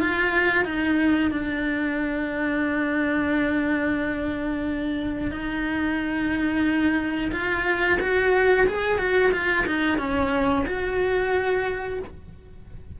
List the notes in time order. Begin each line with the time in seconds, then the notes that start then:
0.00 F4
0.65 D#4
1.31 D4
5.31 D#4
7.32 F4
8.01 F#4
8.68 G#4
8.98 F#4
9.32 F4
9.67 D#4
9.98 C#4
10.66 F#4